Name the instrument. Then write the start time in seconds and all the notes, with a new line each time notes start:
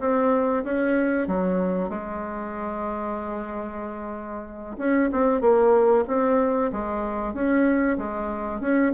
bassoon
0.00 C4
0.64 C#4
1.28 F#3
1.89 G#3
4.78 C#4
5.12 C4
5.41 A#3
6.08 C4
6.72 G#3
7.34 C#4
7.98 G#3
8.61 C#4